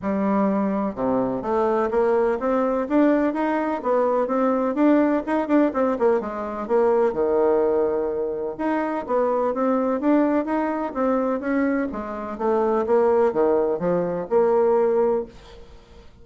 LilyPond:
\new Staff \with { instrumentName = "bassoon" } { \time 4/4 \tempo 4 = 126 g2 c4 a4 | ais4 c'4 d'4 dis'4 | b4 c'4 d'4 dis'8 d'8 | c'8 ais8 gis4 ais4 dis4~ |
dis2 dis'4 b4 | c'4 d'4 dis'4 c'4 | cis'4 gis4 a4 ais4 | dis4 f4 ais2 | }